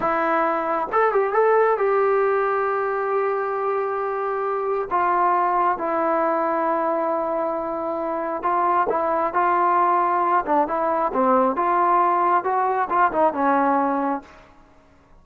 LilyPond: \new Staff \with { instrumentName = "trombone" } { \time 4/4 \tempo 4 = 135 e'2 a'8 g'8 a'4 | g'1~ | g'2. f'4~ | f'4 e'2.~ |
e'2. f'4 | e'4 f'2~ f'8 d'8 | e'4 c'4 f'2 | fis'4 f'8 dis'8 cis'2 | }